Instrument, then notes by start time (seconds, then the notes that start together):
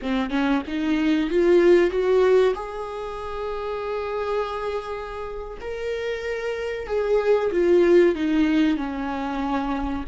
viola
0.01 C4
0.30 C#4
0.67 D#4
1.29 F4
1.90 F#4
2.54 G#4
5.61 A#4
6.86 G#4
7.52 F4
8.15 D#4
8.76 C#4